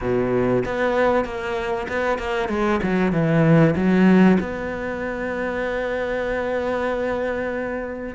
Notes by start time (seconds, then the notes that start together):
0.01 B2
0.65 B3
1.24 A#3
1.88 B3
2.18 A#3
2.48 G#3
2.82 F#3
3.12 E3
3.75 F#3
4.39 B3